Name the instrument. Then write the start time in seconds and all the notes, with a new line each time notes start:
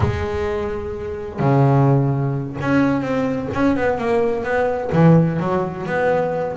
double bass
0.00 G#3
1.39 C#3
2.60 C#4
3.01 C4
3.53 C#4
3.76 B3
3.98 A#3
4.43 B3
4.92 E3
5.39 F#3
5.86 B3